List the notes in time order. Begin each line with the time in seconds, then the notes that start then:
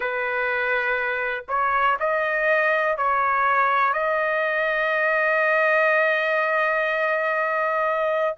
0.00 B4
1.48 C#5
1.99 D#5
2.97 C#5
3.93 D#5